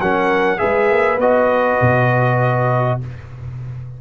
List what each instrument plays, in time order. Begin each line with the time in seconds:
0.00 tuba F#3, trombone C#4, horn A#4, trumpet F#5
0.58 tuba G#3, trombone G#4, horn B4, trumpet E5
0.91 tuba A#3
1.18 tuba B3, trombone F#4, trumpet D#5
1.81 tuba B2